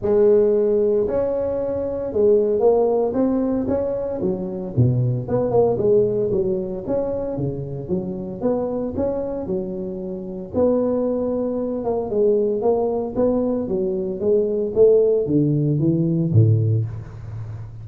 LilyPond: \new Staff \with { instrumentName = "tuba" } { \time 4/4 \tempo 4 = 114 gis2 cis'2 | gis4 ais4 c'4 cis'4 | fis4 b,4 b8 ais8 gis4 | fis4 cis'4 cis4 fis4 |
b4 cis'4 fis2 | b2~ b8 ais8 gis4 | ais4 b4 fis4 gis4 | a4 d4 e4 a,4 | }